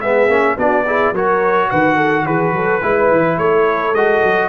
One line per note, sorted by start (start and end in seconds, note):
0.00 0.28 G#3
0.00 0.29 B3
0.00 0.56 G#4
0.00 0.57 E5
0.28 0.56 A#3
0.28 0.57 C#4
0.57 1.12 B3
0.57 0.86 D4
0.57 0.85 F#4
0.57 1.15 D5
0.86 1.15 E4
0.86 1.13 G#4
1.12 1.68 F#3
1.12 2.82 F#4
1.12 1.69 A#4
1.12 1.70 C#5
1.70 2.26 D#3
1.70 1.95 B4
1.70 2.26 F#5
1.95 2.23 A4
2.26 2.53 E3
2.26 2.54 G#4
2.26 3.38 B4
2.53 2.81 F#3
2.53 2.82 A4
2.82 3.11 G#3
2.82 3.94 E4
2.82 3.38 B4
3.11 3.38 E3
3.38 3.93 A3
3.38 4.49 A4
3.38 3.94 C#5
3.93 4.21 G#3
3.93 4.49 F#4
3.93 4.49 D#5
4.23 4.49 F#3